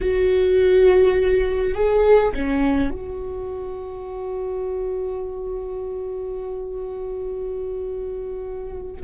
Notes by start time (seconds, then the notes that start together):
0.00 F#4
1.74 G#4
2.33 C#4
2.90 F#4